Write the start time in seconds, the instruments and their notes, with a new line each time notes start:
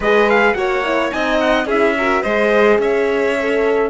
0.00 cello G#3, horn G#4, violin B4, trumpet D#5
0.29 trumpet F5
0.54 cello A#3, horn F#4, violin C#5, trumpet F#5
0.84 horn E4
1.11 cello C4, horn D#4, violin D#5, trumpet G#5
1.40 trumpet F#5
1.65 cello C#4, horn E4, violin G#4, trumpet E5
1.98 horn F#4, violin A#4
2.22 cello G#3, horn G#4, violin C5, trumpet D#5
2.78 cello C#4, violin C#5, trumpet E5
3.40 horn A4